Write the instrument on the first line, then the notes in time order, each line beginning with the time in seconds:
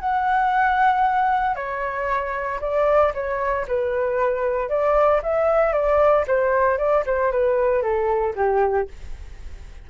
flute
0.00 F#5
1.56 C#5
2.61 D5
3.14 C#5
3.68 B4
4.70 D5
5.23 E5
5.73 D5
6.28 C5
6.78 D5
7.06 C5
7.32 B4
7.83 A4
8.36 G4